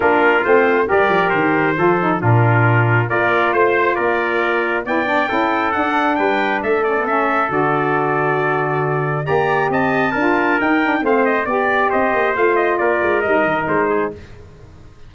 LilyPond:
<<
  \new Staff \with { instrumentName = "trumpet" } { \time 4/4 \tempo 4 = 136 ais'4 c''4 d''4 c''4~ | c''4 ais'2 d''4 | c''4 d''2 g''4~ | g''4 fis''4 g''4 e''8 d''8 |
e''4 d''2.~ | d''4 ais''4 a''2 | g''4 f''8 dis''8 d''4 dis''4 | f''8 dis''8 d''4 dis''4 c''4 | }
  \new Staff \with { instrumentName = "trumpet" } { \time 4/4 f'2 ais'2 | a'4 f'2 ais'4 | c''4 ais'2 d''4 | a'2 b'4 a'4~ |
a'1~ | a'4 d''4 dis''4 ais'4~ | ais'4 c''4 d''4 c''4~ | c''4 ais'2~ ais'8 gis'8 | }
  \new Staff \with { instrumentName = "saxophone" } { \time 4/4 d'4 c'4 g'2 | f'8 dis'8 d'2 f'4~ | f'2. e'8 d'8 | e'4 d'2~ d'8 cis'16 b16 |
cis'4 fis'2.~ | fis'4 g'2 f'4 | dis'8 d'8 c'4 g'2 | f'2 dis'2 | }
  \new Staff \with { instrumentName = "tuba" } { \time 4/4 ais4 a4 g8 f8 dis4 | f4 ais,2 ais4 | a4 ais2 b4 | cis'4 d'4 g4 a4~ |
a4 d2.~ | d4 ais4 c'4 d'4 | dis'4 a4 b4 c'8 ais8 | a4 ais8 gis8 g8 dis8 gis4 | }
>>